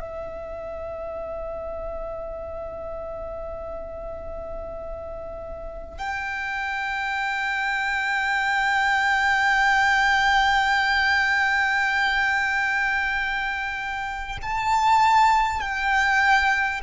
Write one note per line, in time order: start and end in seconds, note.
0.00 5.98 E5
5.98 14.38 G5
14.42 15.61 A5
15.61 16.81 G5